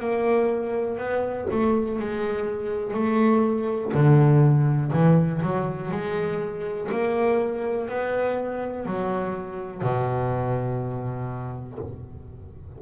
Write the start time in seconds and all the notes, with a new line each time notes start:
0.00 A#3
0.98 B3
1.51 A3
1.99 G#3
2.94 A3
3.94 D3
4.93 E3
5.42 F#3
5.92 G#3
6.92 A#3
7.89 B3
8.86 F#3
9.82 B2